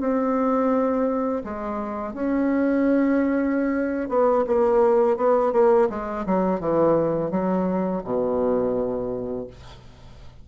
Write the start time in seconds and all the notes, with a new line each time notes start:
0.00 C4
1.44 G#3
2.14 C#4
4.09 B3
4.47 A#3
5.17 B3
5.53 A#3
5.90 G#3
6.26 F#3
6.60 E3
7.31 F#3
8.04 B2